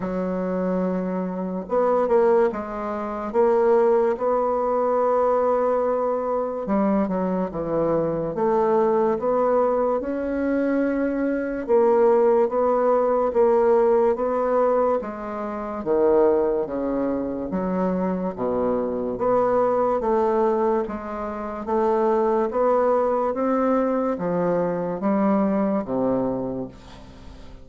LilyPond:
\new Staff \with { instrumentName = "bassoon" } { \time 4/4 \tempo 4 = 72 fis2 b8 ais8 gis4 | ais4 b2. | g8 fis8 e4 a4 b4 | cis'2 ais4 b4 |
ais4 b4 gis4 dis4 | cis4 fis4 b,4 b4 | a4 gis4 a4 b4 | c'4 f4 g4 c4 | }